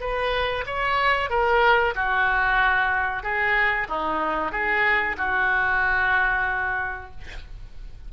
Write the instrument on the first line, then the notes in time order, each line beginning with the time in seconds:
oboe
0.00 B4
0.66 C#5
1.29 A#4
1.95 F#4
3.23 G#4
3.88 D#4
4.52 G#4
5.17 F#4